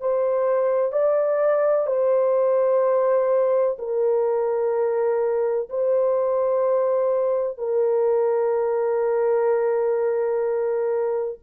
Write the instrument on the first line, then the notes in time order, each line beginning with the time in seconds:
horn
0.00 C5
0.92 D5
1.87 C5
3.78 A#4
5.69 C5
7.58 A#4